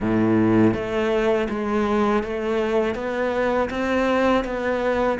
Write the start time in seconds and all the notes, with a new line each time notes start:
0.00 A2
0.73 A3
1.48 G#3
2.23 A3
2.95 B3
3.70 C4
4.44 B3